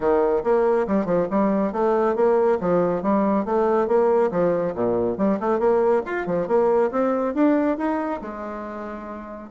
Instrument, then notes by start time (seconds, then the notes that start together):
bassoon
0.00 D#3
0.43 A#3
0.87 G3
1.05 F3
1.30 G3
1.72 A3
2.15 A#3
2.60 F3
3.02 G3
3.45 A3
3.87 A#3
4.31 F3
4.74 A#2
5.17 G3
5.40 A3
5.59 A#3
6.05 F4
6.26 F3
6.47 A#3
6.91 C4
7.34 D4
7.77 D#4
8.21 G#3